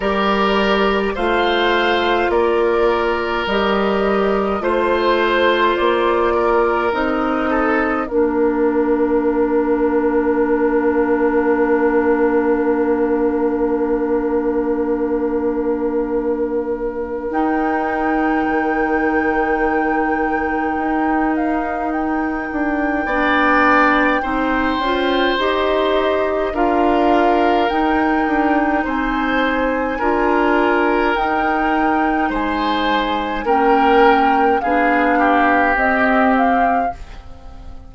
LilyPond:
<<
  \new Staff \with { instrumentName = "flute" } { \time 4/4 \tempo 4 = 52 d''4 f''4 d''4 dis''4 | c''4 d''4 dis''4 f''4~ | f''1~ | f''2. g''4~ |
g''2~ g''8 f''8 g''4~ | g''2 dis''4 f''4 | g''4 gis''2 g''4 | gis''4 g''4 f''4 dis''8 f''8 | }
  \new Staff \with { instrumentName = "oboe" } { \time 4/4 ais'4 c''4 ais'2 | c''4. ais'4 a'8 ais'4~ | ais'1~ | ais'1~ |
ais'1 | d''4 c''2 ais'4~ | ais'4 c''4 ais'2 | c''4 ais'4 gis'8 g'4. | }
  \new Staff \with { instrumentName = "clarinet" } { \time 4/4 g'4 f'2 g'4 | f'2 dis'4 d'4~ | d'1~ | d'2. dis'4~ |
dis'1 | d'4 dis'8 f'8 g'4 f'4 | dis'2 f'4 dis'4~ | dis'4 cis'4 d'4 c'4 | }
  \new Staff \with { instrumentName = "bassoon" } { \time 4/4 g4 a4 ais4 g4 | a4 ais4 c'4 ais4~ | ais1~ | ais2. dis'4 |
dis2 dis'4. d'8 | b4 c'8 cis'8 dis'4 d'4 | dis'8 d'8 c'4 d'4 dis'4 | gis4 ais4 b4 c'4 | }
>>